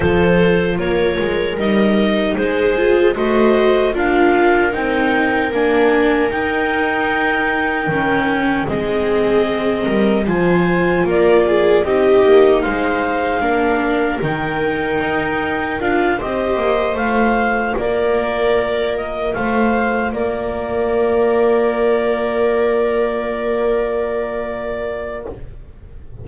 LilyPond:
<<
  \new Staff \with { instrumentName = "clarinet" } { \time 4/4 \tempo 4 = 76 c''4 cis''4 dis''4 c''4 | dis''4 f''4 g''4 gis''4 | g''2. dis''4~ | dis''4 gis''4 d''4 dis''4 |
f''2 g''2 | f''8 dis''4 f''4 d''4. | dis''8 f''4 d''2~ d''8~ | d''1 | }
  \new Staff \with { instrumentName = "viola" } { \time 4/4 a'4 ais'2 gis'4 | c''4 ais'2.~ | ais'2. gis'4~ | gis'8 ais'8 c''4 ais'8 gis'8 g'4 |
c''4 ais'2.~ | ais'8 c''2 ais'4.~ | ais'8 c''4 ais'2~ ais'8~ | ais'1 | }
  \new Staff \with { instrumentName = "viola" } { \time 4/4 f'2 dis'4. f'8 | fis'4 f'4 dis'4 d'4 | dis'2 cis'4 c'4~ | c'4 f'2 dis'4~ |
dis'4 d'4 dis'2 | f'8 g'4 f'2~ f'8~ | f'1~ | f'1 | }
  \new Staff \with { instrumentName = "double bass" } { \time 4/4 f4 ais8 gis8 g4 gis4 | a4 d'4 c'4 ais4 | dis'2 dis4 gis4~ | gis8 g8 f4 ais4 c'8 ais8 |
gis4 ais4 dis4 dis'4 | d'8 c'8 ais8 a4 ais4.~ | ais8 a4 ais2~ ais8~ | ais1 | }
>>